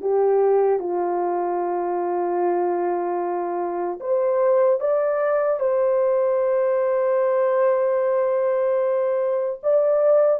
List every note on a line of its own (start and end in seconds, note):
0.00 0.79 G4
0.79 3.99 F4
4.00 4.80 C5
4.80 5.59 D5
5.59 9.59 C5
9.63 10.40 D5